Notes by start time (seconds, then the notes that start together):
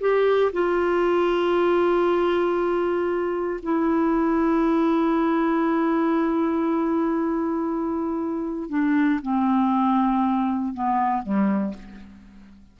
0.00 G4
0.52 F4
3.62 E4
8.69 D4
9.22 C4
10.74 B3
11.22 G3